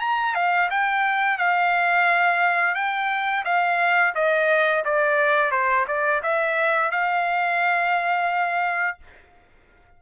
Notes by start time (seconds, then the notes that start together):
0.00 A#5
0.34 F5
0.70 G5
1.38 F5
2.75 G5
3.45 F5
4.15 D#5
4.85 D5
5.51 C5
5.87 D5
6.23 E5
6.91 F5